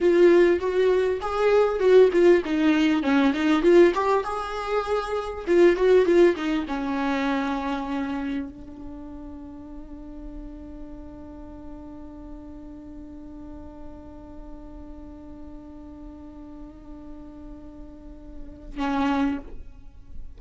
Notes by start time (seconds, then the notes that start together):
0.00 F4
0.59 F#4
1.21 G#4
1.79 F#4
2.12 F4
2.45 D#4
3.02 C#4
3.33 D#4
3.62 F4
3.94 G4
4.24 G#4
5.47 F4
5.76 F#4
6.05 F4
6.36 D#4
6.67 C#4
8.48 D4
18.77 C#4